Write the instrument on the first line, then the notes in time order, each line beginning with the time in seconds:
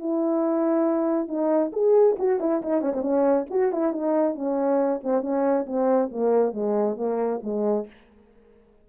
horn
0.00 E4
1.28 D#4
1.73 G#4
2.19 F#4
2.40 E4
2.63 D#4
2.82 C#4
2.94 C4
3.02 C#4
3.51 F#4
3.73 E4
3.93 D#4
4.35 C#4
5.04 C4
5.22 C#4
5.67 C4
6.12 A#3
6.53 G#3
6.97 A#3
7.44 G#3